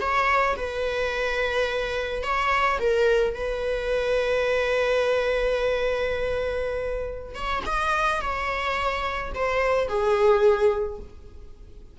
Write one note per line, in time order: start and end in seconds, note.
0.00 0.56 C#5
0.56 2.23 B4
2.23 2.78 C#5
2.79 3.34 A#4
3.34 7.34 B4
7.34 7.62 C#5
7.65 8.21 D#5
8.21 9.32 C#5
9.34 9.88 C5
9.88 10.99 G#4